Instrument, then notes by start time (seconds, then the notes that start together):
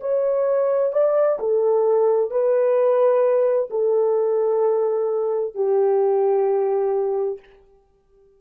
horn
0.00 C#5
0.92 D5
1.39 A4
2.30 B4
3.70 A4
5.54 G4